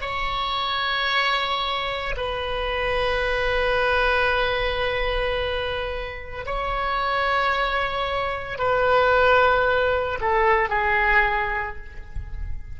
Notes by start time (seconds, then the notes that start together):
0.00 C#5
2.16 B4
6.46 C#5
8.58 B4
10.20 A4
10.69 G#4